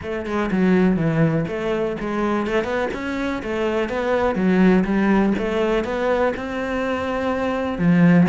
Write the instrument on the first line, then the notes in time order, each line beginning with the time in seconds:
cello
0.02 A3
0.25 G#3
0.51 F#3
0.96 E3
1.47 A3
2.00 G#3
2.47 A3
2.64 B3
2.93 C#4
3.43 A3
3.89 B3
4.35 F#3
4.84 G3
5.38 A3
5.84 B3
6.36 C4
7.78 F3